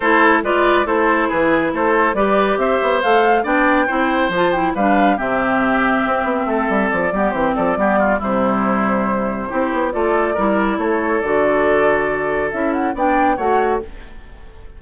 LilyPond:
<<
  \new Staff \with { instrumentName = "flute" } { \time 4/4 \tempo 4 = 139 c''4 d''4 c''4 b'4 | c''4 d''4 e''4 f''4 | g''2 a''8 g''8 f''4 | e''1 |
d''4 c''8 d''4. c''4~ | c''2. d''4~ | d''4 cis''4 d''2~ | d''4 e''8 fis''8 g''4 fis''4 | }
  \new Staff \with { instrumentName = "oboe" } { \time 4/4 a'4 b'4 a'4 gis'4 | a'4 b'4 c''2 | d''4 c''2 b'4 | g'2. a'4~ |
a'8 g'4 a'8 g'8 f'8 e'4~ | e'2 g'4 a'4 | ais'4 a'2.~ | a'2 d''4 cis''4 | }
  \new Staff \with { instrumentName = "clarinet" } { \time 4/4 e'4 f'4 e'2~ | e'4 g'2 a'4 | d'4 e'4 f'8 e'8 d'4 | c'1~ |
c'8 b8 c'4 b4 g4~ | g2 e'4 f'4 | e'2 fis'2~ | fis'4 e'4 d'4 fis'4 | }
  \new Staff \with { instrumentName = "bassoon" } { \time 4/4 a4 gis4 a4 e4 | a4 g4 c'8 b8 a4 | b4 c'4 f4 g4 | c2 c'8 b8 a8 g8 |
f8 g8 e8 f8 g4 c4~ | c2 c'8 b8 a4 | g4 a4 d2~ | d4 cis'4 b4 a4 | }
>>